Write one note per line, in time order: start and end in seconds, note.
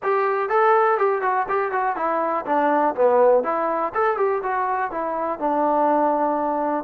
0.02 0.49 G4
0.49 0.98 A4
0.98 1.21 G4
1.21 1.46 F#4
1.48 1.71 G4
1.71 1.96 F#4
1.96 2.45 E4
2.45 2.94 D4
2.95 3.43 B3
3.43 3.92 E4
3.94 4.17 A4
4.17 4.42 G4
4.43 4.91 F#4
4.91 5.39 E4
5.39 6.84 D4